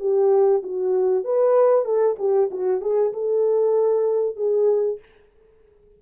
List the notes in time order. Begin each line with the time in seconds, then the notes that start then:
0.00 G4
0.63 F#4
1.25 B4
1.85 A4
2.19 G4
2.51 F#4
2.82 G#4
3.13 A4
4.37 G#4